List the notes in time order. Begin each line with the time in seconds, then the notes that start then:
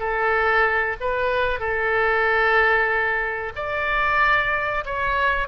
0.00 A4
1.01 B4
1.60 A4
3.56 D5
4.86 C#5